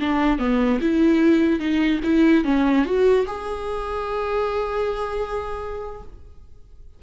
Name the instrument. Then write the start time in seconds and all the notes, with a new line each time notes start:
viola
0.00 D4
0.39 B3
0.81 E4
1.59 D#4
2.03 E4
2.44 C#4
2.85 F#4
3.27 G#4